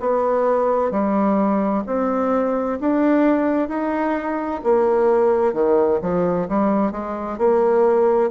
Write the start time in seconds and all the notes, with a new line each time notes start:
0.00 B3
0.91 G3
1.86 C4
2.80 D4
3.68 D#4
4.63 A#3
5.53 D#3
6.02 F3
6.48 G3
6.91 G#3
7.38 A#3